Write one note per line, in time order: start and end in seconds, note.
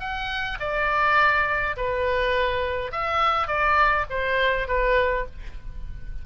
0.00 0.58 F#5
0.60 1.77 D5
1.77 2.92 B4
2.92 3.48 E5
3.48 4.06 D5
4.10 4.68 C5
4.68 5.26 B4